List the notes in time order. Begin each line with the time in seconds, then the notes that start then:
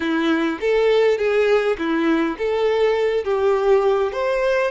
0.00 E4
0.60 A4
1.18 G#4
1.78 E4
2.38 A4
3.24 G4
4.12 C5